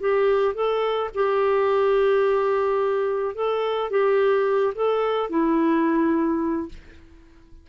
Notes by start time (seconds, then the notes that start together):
0.00 G4
0.54 A4
1.14 G4
3.35 A4
3.90 G4
4.75 A4
5.30 E4